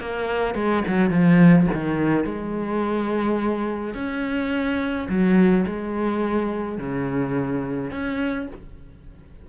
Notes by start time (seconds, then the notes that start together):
0.00 A#3
0.55 G#3
0.87 F#3
1.10 F3
1.73 D#3
2.24 G#3
3.94 C#4
5.09 F#3
5.66 G#3
6.78 C#3
7.91 C#4